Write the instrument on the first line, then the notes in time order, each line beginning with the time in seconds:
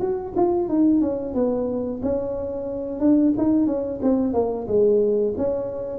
tuba
0.00 F#4
0.36 F4
0.68 D#4
1.01 C#4
1.34 B3
2.02 C#4
3.00 D4
3.37 D#4
3.66 C#4
4.02 C4
4.33 A#3
4.67 G#3
5.37 C#4